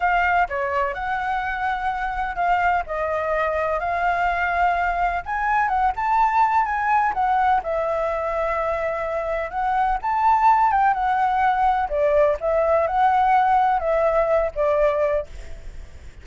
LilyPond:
\new Staff \with { instrumentName = "flute" } { \time 4/4 \tempo 4 = 126 f''4 cis''4 fis''2~ | fis''4 f''4 dis''2 | f''2. gis''4 | fis''8 a''4. gis''4 fis''4 |
e''1 | fis''4 a''4. g''8 fis''4~ | fis''4 d''4 e''4 fis''4~ | fis''4 e''4. d''4. | }